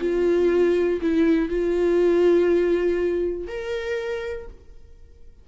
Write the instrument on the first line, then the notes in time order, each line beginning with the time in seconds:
viola
0.00 F4
1.02 E4
1.49 F4
3.48 A#4